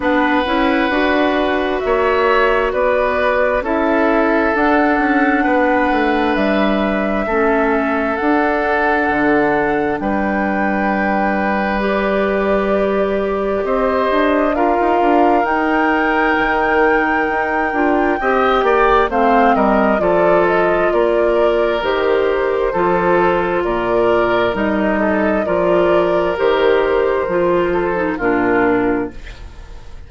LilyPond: <<
  \new Staff \with { instrumentName = "flute" } { \time 4/4 \tempo 4 = 66 fis''2 e''4 d''4 | e''4 fis''2 e''4~ | e''4 fis''2 g''4~ | g''4 d''2 dis''4 |
f''4 g''2.~ | g''4 f''8 dis''8 d''8 dis''8 d''4 | c''2 d''4 dis''4 | d''4 c''2 ais'4 | }
  \new Staff \with { instrumentName = "oboe" } { \time 4/4 b'2 cis''4 b'4 | a'2 b'2 | a'2. b'4~ | b'2. c''4 |
ais'1 | dis''8 d''8 c''8 ais'8 a'4 ais'4~ | ais'4 a'4 ais'4. a'8 | ais'2~ ais'8 a'8 f'4 | }
  \new Staff \with { instrumentName = "clarinet" } { \time 4/4 d'8 e'8 fis'2. | e'4 d'2. | cis'4 d'2.~ | d'4 g'2. |
f'4 dis'2~ dis'8 f'8 | g'4 c'4 f'2 | g'4 f'2 dis'4 | f'4 g'4 f'8. dis'16 d'4 | }
  \new Staff \with { instrumentName = "bassoon" } { \time 4/4 b8 cis'8 d'4 ais4 b4 | cis'4 d'8 cis'8 b8 a8 g4 | a4 d'4 d4 g4~ | g2. c'8 d'8~ |
d'16 dis'16 d'8 dis'4 dis4 dis'8 d'8 | c'8 ais8 a8 g8 f4 ais4 | dis4 f4 ais,4 g4 | f4 dis4 f4 ais,4 | }
>>